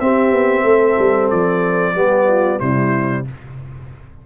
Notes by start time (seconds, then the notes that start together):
0.00 C4 G4 E5
0.32 B3
0.63 A3 A4
0.99 G3
1.30 F3 D5
1.94 G3 B3 G4
2.27 F4
2.59 C3 G3 E4 C5